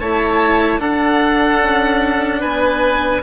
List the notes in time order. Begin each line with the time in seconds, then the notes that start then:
0.00 A3 E4 C#5 A5
0.78 D4 A4 F#5
1.62 C#4
2.40 B3 B4 G#5